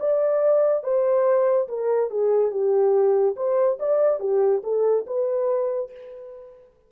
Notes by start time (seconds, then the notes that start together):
0.00 D5
0.83 C5
1.68 A#4
2.10 G#4
2.51 G4
3.36 C5
3.80 D5
4.20 G4
4.64 A4
5.07 B4